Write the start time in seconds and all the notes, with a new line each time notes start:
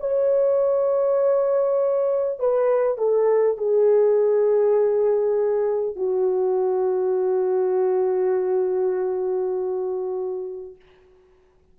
0.00 C#5
2.40 B4
2.98 A4
3.58 G#4
5.96 F#4